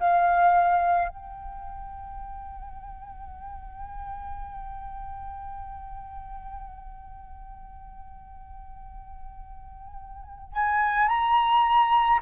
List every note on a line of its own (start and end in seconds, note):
0.00 1.09 F5
1.09 10.54 G5
10.54 11.09 G#5
11.09 12.20 A#5